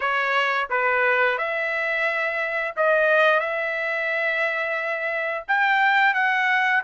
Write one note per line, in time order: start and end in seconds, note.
0.00 0.68 C#5
0.70 1.38 B4
1.38 2.74 E5
2.76 3.40 D#5
3.40 5.44 E5
5.48 6.14 G5
6.14 6.82 F#5